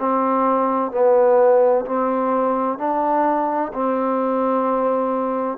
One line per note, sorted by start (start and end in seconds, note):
0.00 0.92 C4
0.92 1.86 B3
1.86 2.79 C4
2.79 3.72 D4
3.74 5.58 C4